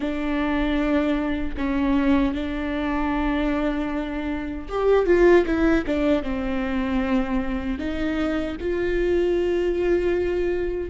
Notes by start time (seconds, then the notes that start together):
0.00 D4
1.57 C#4
2.34 D4
4.68 G4
5.06 F4
5.45 E4
5.86 D4
6.22 C4
7.78 D#4
8.60 F4